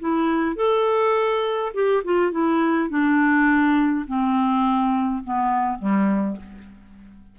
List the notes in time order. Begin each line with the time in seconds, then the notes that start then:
0.00 E4
0.56 A4
1.74 G4
2.04 F4
2.32 E4
2.90 D4
4.07 C4
5.24 B3
5.79 G3